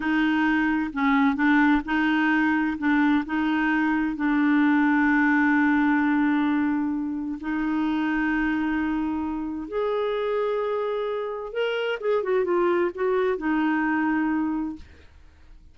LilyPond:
\new Staff \with { instrumentName = "clarinet" } { \time 4/4 \tempo 4 = 130 dis'2 cis'4 d'4 | dis'2 d'4 dis'4~ | dis'4 d'2.~ | d'1 |
dis'1~ | dis'4 gis'2.~ | gis'4 ais'4 gis'8 fis'8 f'4 | fis'4 dis'2. | }